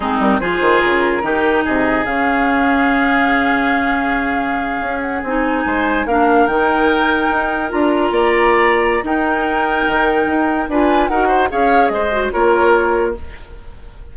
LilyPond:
<<
  \new Staff \with { instrumentName = "flute" } { \time 4/4 \tempo 4 = 146 gis'8 ais'8 c''4 ais'2 | dis''4 f''2.~ | f''1~ | f''16 fis''8 gis''2 f''4 g''16~ |
g''2~ g''8. ais''4~ ais''16~ | ais''2 g''2~ | g''2 gis''4 fis''4 | f''4 dis''4 cis''2 | }
  \new Staff \with { instrumentName = "oboe" } { \time 4/4 dis'4 gis'2 g'4 | gis'1~ | gis'1~ | gis'4.~ gis'16 c''4 ais'4~ ais'16~ |
ais'2.~ ais'8. d''16~ | d''2 ais'2~ | ais'2 b'4 ais'8 c''8 | cis''4 c''4 ais'2 | }
  \new Staff \with { instrumentName = "clarinet" } { \time 4/4 c'4 f'2 dis'4~ | dis'4 cis'2.~ | cis'1~ | cis'8. dis'2 d'4 dis'16~ |
dis'2~ dis'8. f'4~ f'16~ | f'2 dis'2~ | dis'2 f'4 fis'4 | gis'4. fis'8 f'2 | }
  \new Staff \with { instrumentName = "bassoon" } { \time 4/4 gis8 g8 f8 dis8 cis4 dis4 | c4 cis2.~ | cis2.~ cis8. cis'16~ | cis'8. c'4 gis4 ais4 dis16~ |
dis4.~ dis16 dis'4 d'4 ais16~ | ais2 dis'2 | dis4 dis'4 d'4 dis'4 | cis'4 gis4 ais2 | }
>>